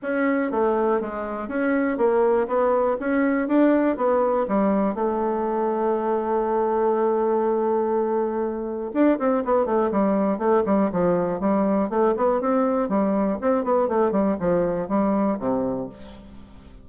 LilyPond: \new Staff \with { instrumentName = "bassoon" } { \time 4/4 \tempo 4 = 121 cis'4 a4 gis4 cis'4 | ais4 b4 cis'4 d'4 | b4 g4 a2~ | a1~ |
a2 d'8 c'8 b8 a8 | g4 a8 g8 f4 g4 | a8 b8 c'4 g4 c'8 b8 | a8 g8 f4 g4 c4 | }